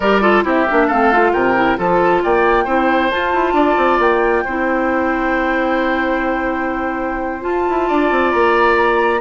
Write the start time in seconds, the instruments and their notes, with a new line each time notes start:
0.00 bassoon G3, clarinet G4, oboe A#4, flute D5
0.21 clarinet F4, oboe A4
0.43 bassoon C4, clarinet E4, oboe G4, flute E5
0.70 bassoon A#3, clarinet D4
0.87 bassoon A3, clarinet C4, oboe A4, flute F5
1.12 clarinet F4
1.32 bassoon C3, oboe A#4, flute G5
1.55 clarinet E4
1.77 bassoon F3, clarinet F4, oboe A4, flute A5
2.23 bassoon A#3, oboe D5, flute G5
2.64 bassoon C4, clarinet E4, oboe C5
3.10 clarinet F4, bassoon F4, flute A5
3.33 bassoon E4
3.52 bassoon D4, oboe D5
3.77 bassoon C4
3.98 bassoon A#3, flute G5
4.44 bassoon C4, clarinet E4, oboe C5
7.41 clarinet F4, bassoon F4, flute A5
7.68 bassoon E4
7.87 bassoon D4, oboe D5
8.10 bassoon C4
8.31 bassoon A#3, flute A#5